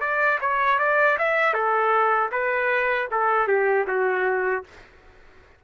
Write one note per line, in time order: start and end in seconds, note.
0.00 0.38 D5
0.41 0.79 C#5
0.79 1.17 D5
1.18 1.53 E5
1.53 2.30 A4
2.31 3.08 B4
3.11 3.47 A4
3.47 3.86 G4
3.87 4.64 F#4